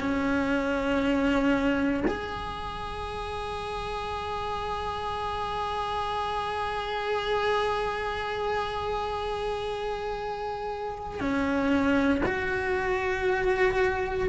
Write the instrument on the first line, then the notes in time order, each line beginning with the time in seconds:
cello
0.00 C#4
2.08 G#4
11.20 C#4
12.25 F#4